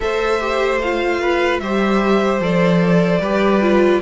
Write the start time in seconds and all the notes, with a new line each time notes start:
0.00 A3 A4 C5 E5
0.40 G4
0.81 F4 F5
1.20 B4
1.59 G3 G4 C5 E5
2.40 F3 A4 D5
3.19 G3 G4 B4
3.61 F4